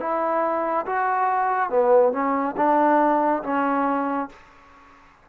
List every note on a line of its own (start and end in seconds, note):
0.00 0.86 E4
0.86 1.70 F#4
1.70 2.12 B3
2.12 2.55 C#4
2.57 3.43 D4
3.44 4.29 C#4